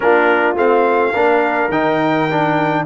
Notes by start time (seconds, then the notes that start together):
0.00 A#3 D4 F4 A#4
0.56 A3 C4 F5
1.12 A#3 D4 A#4
1.69 D#3 D#4 G5
2.30 D4